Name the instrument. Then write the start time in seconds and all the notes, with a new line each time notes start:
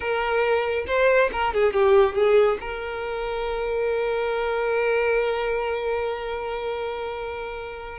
violin
0.00 A#4
0.87 C5
1.32 A#4
1.53 G#4
1.73 G4
2.14 G#4
2.60 A#4